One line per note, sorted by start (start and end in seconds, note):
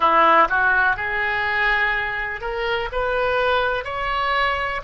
0.00 0.48 E4
0.49 0.96 F#4
0.96 2.41 G#4
2.41 2.89 A#4
2.92 3.84 B4
3.84 4.81 C#5